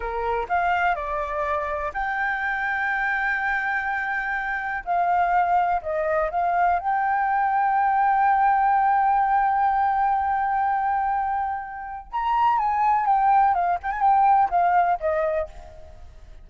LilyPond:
\new Staff \with { instrumentName = "flute" } { \time 4/4 \tempo 4 = 124 ais'4 f''4 d''2 | g''1~ | g''2 f''2 | dis''4 f''4 g''2~ |
g''1~ | g''1~ | g''4 ais''4 gis''4 g''4 | f''8 g''16 gis''16 g''4 f''4 dis''4 | }